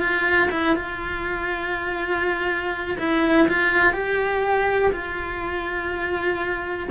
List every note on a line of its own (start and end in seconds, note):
0.00 0.49 F4
0.51 0.76 E4
0.76 2.97 F4
2.99 3.48 E4
3.48 3.93 F4
3.93 4.91 G4
4.92 6.89 F4